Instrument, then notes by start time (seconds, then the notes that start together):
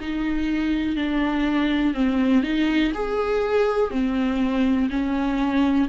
viola
0.00 D#4
0.96 D4
1.94 C4
2.43 D#4
2.94 G#4
3.91 C4
4.90 C#4